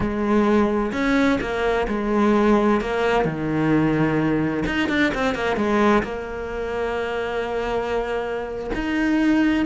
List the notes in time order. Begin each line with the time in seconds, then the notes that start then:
0.00 G#3
0.92 C#4
1.40 A#3
1.88 G#3
2.80 A#3
3.24 D#3
4.65 D#4
4.89 D4
5.14 C4
5.34 A#3
5.56 G#3
6.03 A#3
8.74 D#4